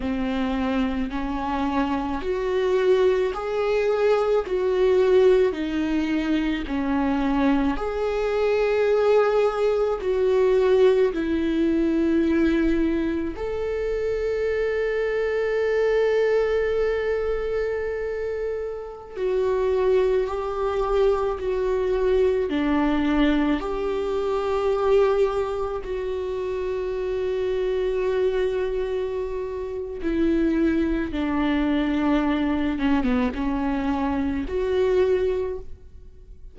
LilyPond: \new Staff \with { instrumentName = "viola" } { \time 4/4 \tempo 4 = 54 c'4 cis'4 fis'4 gis'4 | fis'4 dis'4 cis'4 gis'4~ | gis'4 fis'4 e'2 | a'1~ |
a'4~ a'16 fis'4 g'4 fis'8.~ | fis'16 d'4 g'2 fis'8.~ | fis'2. e'4 | d'4. cis'16 b16 cis'4 fis'4 | }